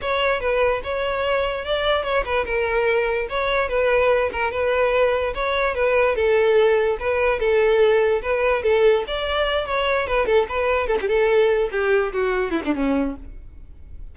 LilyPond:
\new Staff \with { instrumentName = "violin" } { \time 4/4 \tempo 4 = 146 cis''4 b'4 cis''2 | d''4 cis''8 b'8 ais'2 | cis''4 b'4. ais'8 b'4~ | b'4 cis''4 b'4 a'4~ |
a'4 b'4 a'2 | b'4 a'4 d''4. cis''8~ | cis''8 b'8 a'8 b'4 a'16 g'16 a'4~ | a'8 g'4 fis'4 e'16 d'16 cis'4 | }